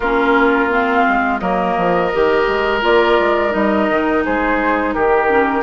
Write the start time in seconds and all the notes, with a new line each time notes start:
0.00 A#3 C#4 F4 A#4
0.69 C4 F5
1.08 G#3
1.38 F#3 A#3 A#4 D#5
1.77 F3
2.13 D#3 G4
2.47 G#3
2.81 A#3 F4 D5
3.19 G#3
3.50 G3 D#4 D#5
3.89 D#3
4.24 G#3 G#4 C5
4.93 D#3 G4 A#4
5.28 C#4